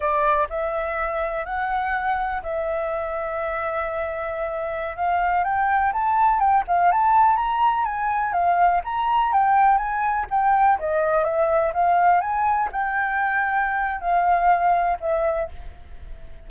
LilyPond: \new Staff \with { instrumentName = "flute" } { \time 4/4 \tempo 4 = 124 d''4 e''2 fis''4~ | fis''4 e''2.~ | e''2~ e''16 f''4 g''8.~ | g''16 a''4 g''8 f''8 a''4 ais''8.~ |
ais''16 gis''4 f''4 ais''4 g''8.~ | g''16 gis''4 g''4 dis''4 e''8.~ | e''16 f''4 gis''4 g''4.~ g''16~ | g''4 f''2 e''4 | }